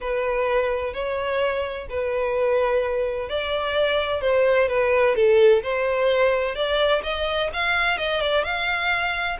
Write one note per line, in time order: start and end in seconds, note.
0.00 0.93 B4
0.93 1.87 C#5
1.89 3.29 B4
3.29 4.21 D5
4.21 4.68 C5
4.68 5.15 B4
5.15 5.62 A4
5.62 6.55 C5
6.55 7.02 D5
7.03 7.50 D#5
7.53 7.97 F5
7.97 8.20 D#5
8.20 8.44 D5
8.44 9.37 F5